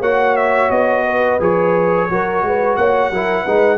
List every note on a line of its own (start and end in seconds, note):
0.00 0.70 A#3
0.00 1.40 F#4
0.00 1.03 C#5
0.00 0.37 F#5
0.37 0.71 E5
0.71 1.40 B3
0.71 1.40 D#5
1.07 2.10 B4
1.40 2.09 F3
1.40 2.09 G#4
1.40 2.77 C#5
2.10 2.43 F#3
2.10 3.13 F#4
2.10 2.46 A#4
2.43 2.77 G#3
2.43 2.78 B4
2.77 3.11 A#3
2.77 3.13 C#5
2.77 3.78 F#5
3.11 3.45 F#3
3.11 3.47 E4
3.11 3.44 A#4
3.44 3.78 G#3
3.44 3.78 D#4
3.44 3.78 B4